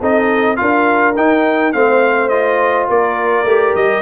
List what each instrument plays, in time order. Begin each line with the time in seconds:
0.00 tuba C4, trombone D#4, horn A4, trumpet D#5
0.57 tuba D4, trombone F4, horn A#4, trumpet F5
1.17 tuba D#4, trombone D#4, trumpet G5
1.73 tuba A3, trombone C4, horn C5, trumpet F5
2.29 trombone F4, trumpet D#5
2.89 tuba A#3, horn A#4, trumpet D5
3.45 tuba A3, trombone G4
3.76 tuba G3, trumpet D#5